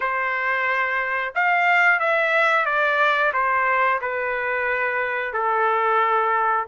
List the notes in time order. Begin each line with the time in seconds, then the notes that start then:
0.00 C5
1.35 F5
1.99 E5
2.65 D5
3.33 C5
4.01 B4
5.33 A4